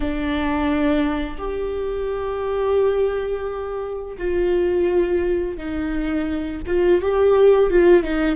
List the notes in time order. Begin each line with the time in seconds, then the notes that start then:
0.00 D4
1.38 G4
4.17 F4
5.57 D#4
6.67 F4
7.01 G4
7.70 F4
8.03 D#4